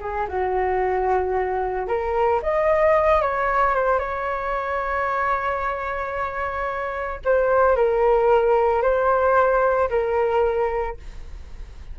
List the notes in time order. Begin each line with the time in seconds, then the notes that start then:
0.00 G#4
0.28 F#4
1.87 A#4
2.42 D#5
3.22 C#5
3.75 C5
3.99 C#5
7.25 C5
7.76 A#4
8.82 C5
9.90 A#4